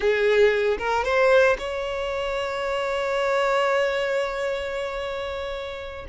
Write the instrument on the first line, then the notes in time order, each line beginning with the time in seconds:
violin
0.00 G#4
0.78 A#4
1.04 C5
1.58 C#5